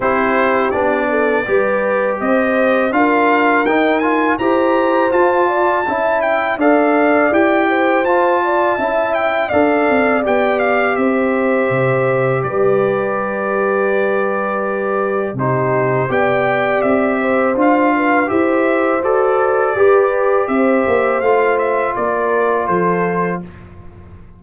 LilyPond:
<<
  \new Staff \with { instrumentName = "trumpet" } { \time 4/4 \tempo 4 = 82 c''4 d''2 dis''4 | f''4 g''8 gis''8 ais''4 a''4~ | a''8 g''8 f''4 g''4 a''4~ | a''8 g''8 f''4 g''8 f''8 e''4~ |
e''4 d''2.~ | d''4 c''4 g''4 e''4 | f''4 e''4 d''2 | e''4 f''8 e''8 d''4 c''4 | }
  \new Staff \with { instrumentName = "horn" } { \time 4/4 g'4. a'8 b'4 c''4 | ais'2 c''4. d''8 | e''4 d''4. c''4 d''8 | e''4 d''2 c''4~ |
c''4 b'2.~ | b'4 g'4 d''4. c''8~ | c''8 b'8 c''2 b'4 | c''2 ais'4 a'4 | }
  \new Staff \with { instrumentName = "trombone" } { \time 4/4 e'4 d'4 g'2 | f'4 dis'8 f'8 g'4 f'4 | e'4 a'4 g'4 f'4 | e'4 a'4 g'2~ |
g'1~ | g'4 dis'4 g'2 | f'4 g'4 a'4 g'4~ | g'4 f'2. | }
  \new Staff \with { instrumentName = "tuba" } { \time 4/4 c'4 b4 g4 c'4 | d'4 dis'4 e'4 f'4 | cis'4 d'4 e'4 f'4 | cis'4 d'8 c'8 b4 c'4 |
c4 g2.~ | g4 c4 b4 c'4 | d'4 e'4 fis'4 g'4 | c'8 ais8 a4 ais4 f4 | }
>>